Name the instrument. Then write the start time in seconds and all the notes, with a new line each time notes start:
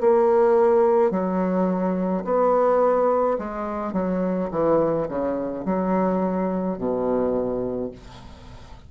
bassoon
0.00 A#3
1.11 F#3
2.24 B3
3.38 G#3
3.93 F#3
4.51 E3
5.08 C#3
5.65 F#3
6.78 B2